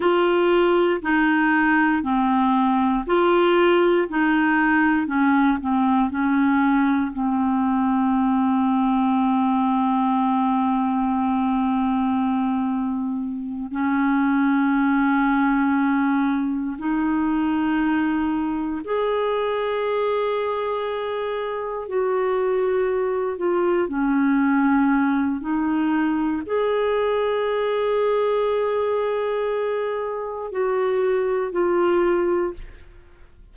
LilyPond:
\new Staff \with { instrumentName = "clarinet" } { \time 4/4 \tempo 4 = 59 f'4 dis'4 c'4 f'4 | dis'4 cis'8 c'8 cis'4 c'4~ | c'1~ | c'4. cis'2~ cis'8~ |
cis'8 dis'2 gis'4.~ | gis'4. fis'4. f'8 cis'8~ | cis'4 dis'4 gis'2~ | gis'2 fis'4 f'4 | }